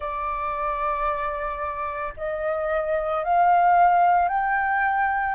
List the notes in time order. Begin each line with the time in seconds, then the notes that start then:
0.00 D5
2.16 D#5
3.23 F5
4.28 G5